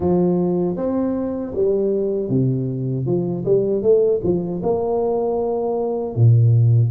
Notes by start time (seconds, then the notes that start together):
0.00 F3
0.76 C4
1.54 G3
2.29 C3
3.06 F3
3.45 G3
3.82 A3
4.23 F3
4.63 A#3
6.15 A#2